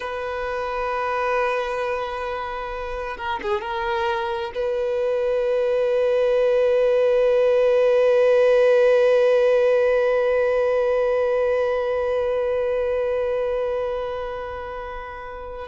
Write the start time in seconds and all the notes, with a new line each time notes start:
0.00 B4
3.17 A#4
3.42 G#4
3.61 A#4
4.55 B4